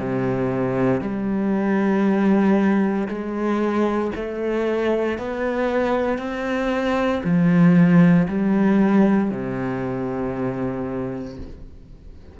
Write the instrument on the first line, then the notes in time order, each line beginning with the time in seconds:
cello
0.00 C3
1.01 G3
3.08 G#3
4.16 A3
5.19 B3
6.18 C4
7.24 F3
8.29 G3
9.31 C3